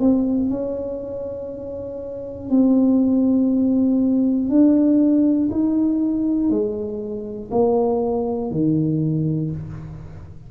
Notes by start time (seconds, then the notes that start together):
0.00 C4
0.50 C#4
2.50 C4
4.50 D4
5.51 D#4
6.50 G#3
7.51 A#3
8.51 D#3